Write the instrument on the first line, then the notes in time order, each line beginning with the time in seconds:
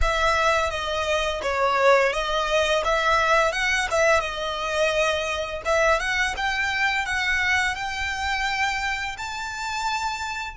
violin
0.01 E5
0.70 D#5
1.42 C#5
2.12 D#5
2.84 E5
3.52 F#5
3.90 E5
4.20 D#5
5.65 E5
5.99 F#5
6.37 G5
7.05 F#5
7.75 G5
9.17 A5